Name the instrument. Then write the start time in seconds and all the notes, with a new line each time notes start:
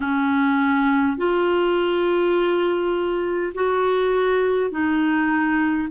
clarinet
0.00 C#4
1.17 F4
3.54 F#4
4.71 D#4